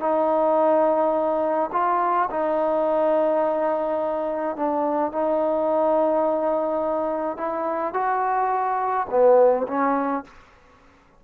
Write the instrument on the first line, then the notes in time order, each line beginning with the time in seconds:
trombone
0.00 D#4
1.73 F4
2.31 D#4
4.56 D4
5.12 D#4
7.37 E4
7.93 F#4
9.10 B3
9.67 C#4